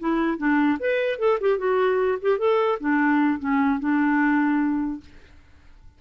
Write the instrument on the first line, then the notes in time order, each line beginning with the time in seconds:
clarinet
0.00 E4
0.38 D4
0.80 B4
1.19 A4
1.41 G4
1.58 F#4
2.22 G4
2.39 A4
2.80 D4
3.40 C#4
3.80 D4